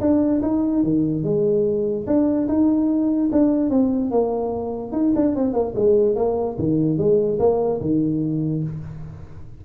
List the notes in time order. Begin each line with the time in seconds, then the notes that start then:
0.00 D4
0.42 D#4
0.83 D#3
1.23 G#3
2.06 D4
2.48 D#4
3.32 D4
3.70 C4
4.11 A#3
4.92 D#4
5.15 D4
5.35 C4
5.53 A#3
5.75 G#3
6.16 A#3
6.58 D#3
6.98 G#3
7.39 A#3
7.81 D#3